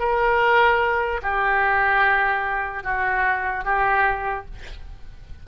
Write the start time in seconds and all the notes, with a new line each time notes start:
0.00 A#4
1.23 G4
2.84 F#4
3.65 G4